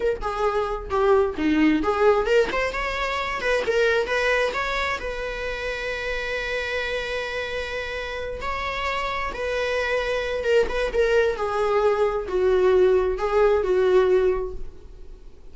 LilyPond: \new Staff \with { instrumentName = "viola" } { \time 4/4 \tempo 4 = 132 ais'8 gis'4. g'4 dis'4 | gis'4 ais'8 c''8 cis''4. b'8 | ais'4 b'4 cis''4 b'4~ | b'1~ |
b'2~ b'8 cis''4.~ | cis''8 b'2~ b'8 ais'8 b'8 | ais'4 gis'2 fis'4~ | fis'4 gis'4 fis'2 | }